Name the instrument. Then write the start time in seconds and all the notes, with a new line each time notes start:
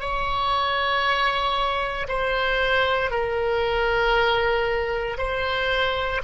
oboe
0.00 C#5
2.08 C5
3.11 A#4
5.18 C5